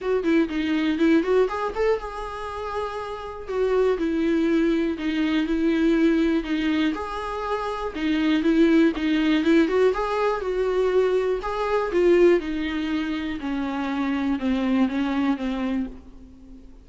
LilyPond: \new Staff \with { instrumentName = "viola" } { \time 4/4 \tempo 4 = 121 fis'8 e'8 dis'4 e'8 fis'8 gis'8 a'8 | gis'2. fis'4 | e'2 dis'4 e'4~ | e'4 dis'4 gis'2 |
dis'4 e'4 dis'4 e'8 fis'8 | gis'4 fis'2 gis'4 | f'4 dis'2 cis'4~ | cis'4 c'4 cis'4 c'4 | }